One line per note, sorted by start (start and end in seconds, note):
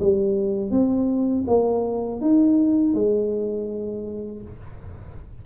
0.00 0.71 G3
0.71 1.45 C4
1.47 2.21 A#3
2.21 2.94 D#4
2.94 4.42 G#3